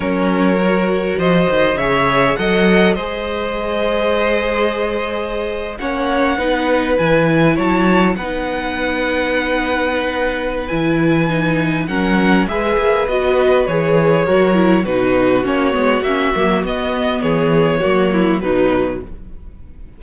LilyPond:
<<
  \new Staff \with { instrumentName = "violin" } { \time 4/4 \tempo 4 = 101 cis''2 dis''4 e''4 | fis''4 dis''2.~ | dis''4.~ dis''16 fis''2 gis''16~ | gis''8. a''4 fis''2~ fis''16~ |
fis''2 gis''2 | fis''4 e''4 dis''4 cis''4~ | cis''4 b'4 cis''4 e''4 | dis''4 cis''2 b'4 | }
  \new Staff \with { instrumentName = "violin" } { \time 4/4 ais'2 c''4 cis''4 | dis''4 c''2.~ | c''4.~ c''16 cis''4 b'4~ b'16~ | b'8. cis''4 b'2~ b'16~ |
b'1 | ais'4 b'2. | ais'4 fis'2.~ | fis'4 gis'4 fis'8 e'8 dis'4 | }
  \new Staff \with { instrumentName = "viola" } { \time 4/4 cis'4 fis'2 gis'4 | a'4 gis'2.~ | gis'4.~ gis'16 cis'4 dis'4 e'16~ | e'4.~ e'16 dis'2~ dis'16~ |
dis'2 e'4 dis'4 | cis'4 gis'4 fis'4 gis'4 | fis'8 e'8 dis'4 cis'8 b8 cis'8 ais8 | b2 ais4 fis4 | }
  \new Staff \with { instrumentName = "cello" } { \time 4/4 fis2 f8 dis8 cis4 | fis4 gis2.~ | gis4.~ gis16 ais4 b4 e16~ | e8. fis4 b2~ b16~ |
b2 e2 | fis4 gis8 ais8 b4 e4 | fis4 b,4 ais8 gis8 ais8 fis8 | b4 e4 fis4 b,4 | }
>>